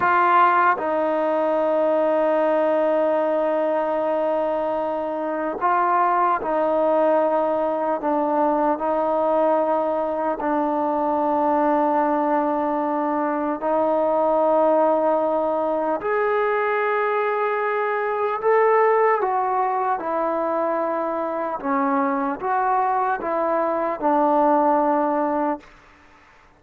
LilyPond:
\new Staff \with { instrumentName = "trombone" } { \time 4/4 \tempo 4 = 75 f'4 dis'2.~ | dis'2. f'4 | dis'2 d'4 dis'4~ | dis'4 d'2.~ |
d'4 dis'2. | gis'2. a'4 | fis'4 e'2 cis'4 | fis'4 e'4 d'2 | }